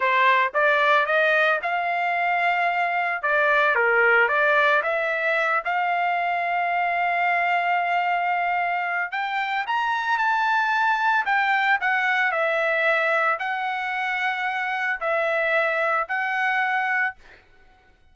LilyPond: \new Staff \with { instrumentName = "trumpet" } { \time 4/4 \tempo 4 = 112 c''4 d''4 dis''4 f''4~ | f''2 d''4 ais'4 | d''4 e''4. f''4.~ | f''1~ |
f''4 g''4 ais''4 a''4~ | a''4 g''4 fis''4 e''4~ | e''4 fis''2. | e''2 fis''2 | }